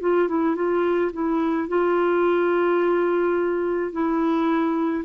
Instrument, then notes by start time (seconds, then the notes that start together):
clarinet
0.00 F4
0.28 E4
0.55 F4
1.12 E4
1.68 F4
3.92 E4